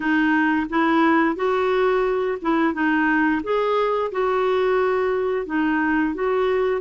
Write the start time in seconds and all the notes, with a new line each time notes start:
0.00 D#4
0.69 E4
1.35 F#4
2.41 E4
2.73 D#4
3.43 G#4
4.11 F#4
5.46 D#4
6.14 F#4